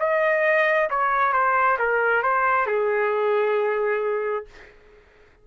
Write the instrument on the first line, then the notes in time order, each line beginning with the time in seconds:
trumpet
0.00 D#5
0.90 C#5
1.33 C5
1.80 A#4
2.23 C5
2.67 G#4